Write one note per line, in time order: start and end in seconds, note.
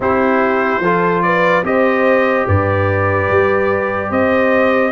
0.00 0.79 C4
0.00 0.83 E4
0.00 0.82 G4
0.00 1.22 C5
0.79 1.61 F3
0.79 1.63 F4
0.79 1.23 A4
1.22 1.65 B4
1.22 1.63 D5
1.63 2.45 C4
1.63 4.91 G4
1.63 2.46 C5
1.63 2.47 D#5
2.46 3.29 G2
2.46 4.09 B4
2.46 4.11 D5
3.29 4.10 G3
4.09 4.91 C4
4.09 4.91 C5
4.09 4.91 D#5